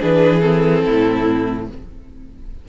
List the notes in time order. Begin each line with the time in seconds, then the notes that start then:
0.00 E3 D4 G#4 B4
0.41 C4 A4
0.85 A2 E4